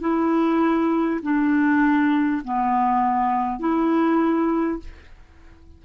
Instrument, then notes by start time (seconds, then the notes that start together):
clarinet
0.00 E4
1.22 D4
2.44 B3
3.59 E4